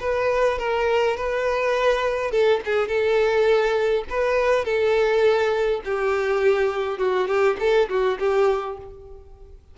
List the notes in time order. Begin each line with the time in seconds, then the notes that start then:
0.00 B4
0.59 A#4
1.17 B4
2.31 A4
2.65 G#4
2.88 A4
4.10 B4
4.65 A4
5.85 G4
6.98 F#4
7.28 G4
7.60 A4
7.89 F#4
8.19 G4